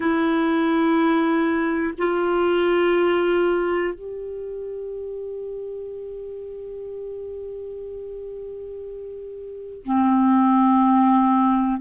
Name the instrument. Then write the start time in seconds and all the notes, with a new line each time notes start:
clarinet
0.00 E4
1.98 F4
3.93 G4
9.84 C4